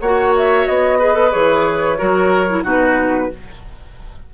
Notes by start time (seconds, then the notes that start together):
0.00 A#3 F#4 C#5 F#5
0.37 E5
0.66 B3 D#5
0.99 G#4 B4
1.13 A4
1.31 E3 G#4 C#5
1.97 F#3 F#4 A#4
2.49 E4
2.63 B2 D#4 F#4 B4